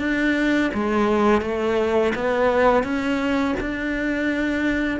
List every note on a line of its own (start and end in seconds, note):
0.00 0.71 D4
0.74 1.42 G#3
1.42 2.13 A3
2.16 2.84 B3
2.84 3.55 C#4
3.61 5.00 D4